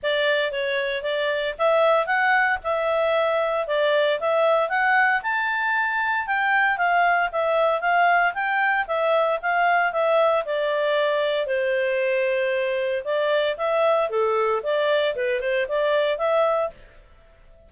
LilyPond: \new Staff \with { instrumentName = "clarinet" } { \time 4/4 \tempo 4 = 115 d''4 cis''4 d''4 e''4 | fis''4 e''2 d''4 | e''4 fis''4 a''2 | g''4 f''4 e''4 f''4 |
g''4 e''4 f''4 e''4 | d''2 c''2~ | c''4 d''4 e''4 a'4 | d''4 b'8 c''8 d''4 e''4 | }